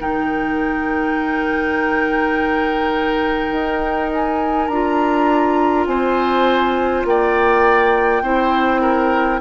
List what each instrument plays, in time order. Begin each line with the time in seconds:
0.00 bassoon D#3, clarinet D#4, oboe A#4, flute G5
3.52 bassoon D#4
4.13 flute G#5
4.68 bassoon D4, clarinet F4, flute A#5
5.87 bassoon C4, oboe C5, flute G#5
7.05 bassoon A#3, oboe D5, flute G5
8.22 bassoon C4, clarinet E4, oboe C5
8.81 oboe A#4